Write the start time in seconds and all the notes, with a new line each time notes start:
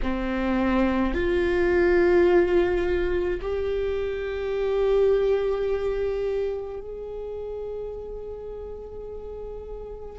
0.02 C4
1.13 F4
3.41 G4
6.80 G#4